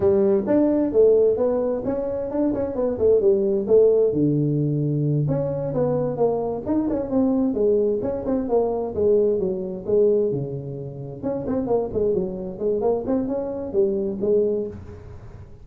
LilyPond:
\new Staff \with { instrumentName = "tuba" } { \time 4/4 \tempo 4 = 131 g4 d'4 a4 b4 | cis'4 d'8 cis'8 b8 a8 g4 | a4 d2~ d8 cis'8~ | cis'8 b4 ais4 dis'8 cis'8 c'8~ |
c'8 gis4 cis'8 c'8 ais4 gis8~ | gis8 fis4 gis4 cis4.~ | cis8 cis'8 c'8 ais8 gis8 fis4 gis8 | ais8 c'8 cis'4 g4 gis4 | }